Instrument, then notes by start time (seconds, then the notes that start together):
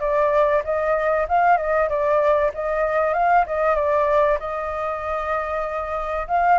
flute
0.00 D5
0.64 D#5
1.28 F5
1.57 D#5
1.89 D5
2.54 D#5
3.14 F5
3.47 D#5
3.75 D5
4.39 D#5
6.28 F5